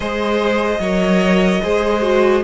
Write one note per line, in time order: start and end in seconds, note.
0.00 0.78 G#3
0.00 0.82 G#4
0.00 0.80 C5
0.00 2.43 D#5
0.79 1.60 F#3
0.79 1.62 A#4
0.79 1.61 C#5
1.62 2.43 G#3
1.62 2.01 G#4
1.62 2.43 C5
2.01 2.42 F#4